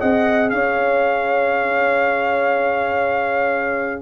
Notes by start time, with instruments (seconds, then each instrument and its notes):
0.00 tuba C4, trombone G#4, horn D#5, trumpet F#5
0.50 tuba C#4, horn C#5, trumpet F5